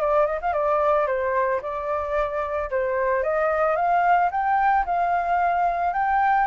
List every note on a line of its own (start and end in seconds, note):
0.00 0.26 D5
0.26 0.39 D#5
0.41 0.52 F5
0.52 1.06 D5
1.06 1.60 C5
1.61 2.70 D5
2.70 3.23 C5
3.23 3.76 D#5
3.76 4.30 F5
4.31 4.85 G5
4.85 5.93 F5
5.93 6.47 G5